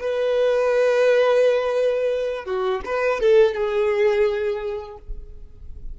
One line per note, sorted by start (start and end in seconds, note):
0.00 2.45 B4
2.45 2.81 F#4
2.85 3.20 B4
3.20 3.54 A4
3.54 4.97 G#4